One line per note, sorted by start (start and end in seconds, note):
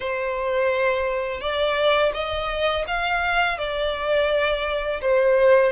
0.00 1.41 C5
1.41 2.12 D5
2.14 2.85 D#5
2.87 3.58 F5
3.58 5.01 D5
5.01 5.72 C5